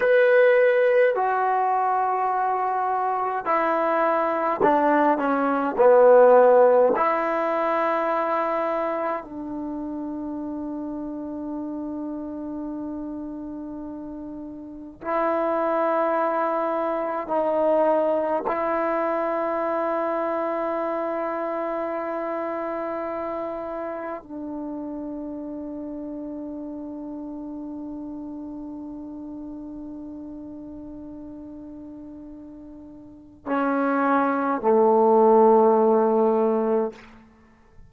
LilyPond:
\new Staff \with { instrumentName = "trombone" } { \time 4/4 \tempo 4 = 52 b'4 fis'2 e'4 | d'8 cis'8 b4 e'2 | d'1~ | d'4 e'2 dis'4 |
e'1~ | e'4 d'2.~ | d'1~ | d'4 cis'4 a2 | }